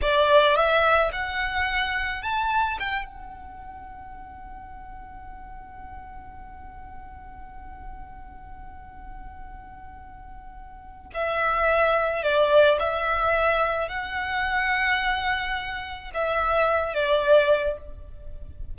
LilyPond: \new Staff \with { instrumentName = "violin" } { \time 4/4 \tempo 4 = 108 d''4 e''4 fis''2 | a''4 g''8 fis''2~ fis''8~ | fis''1~ | fis''1~ |
fis''1 | e''2 d''4 e''4~ | e''4 fis''2.~ | fis''4 e''4. d''4. | }